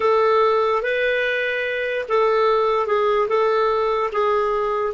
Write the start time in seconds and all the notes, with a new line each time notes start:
0.00 A4
0.82 B4
2.08 A4
2.87 G#4
3.28 A4
4.12 G#4